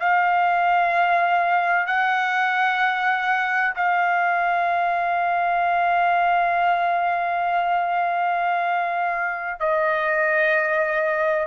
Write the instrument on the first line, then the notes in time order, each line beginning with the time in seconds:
trumpet
0.00 F5
1.87 F#5
3.75 F5
9.60 D#5